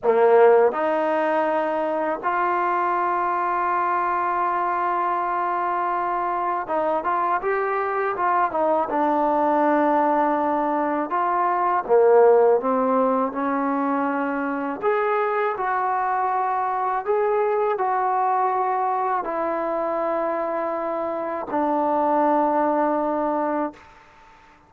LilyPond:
\new Staff \with { instrumentName = "trombone" } { \time 4/4 \tempo 4 = 81 ais4 dis'2 f'4~ | f'1~ | f'4 dis'8 f'8 g'4 f'8 dis'8 | d'2. f'4 |
ais4 c'4 cis'2 | gis'4 fis'2 gis'4 | fis'2 e'2~ | e'4 d'2. | }